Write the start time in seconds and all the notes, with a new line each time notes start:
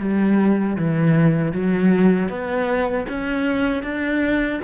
0.00 G3
0.77 E3
1.53 F#3
2.29 B3
3.09 C#4
3.83 D4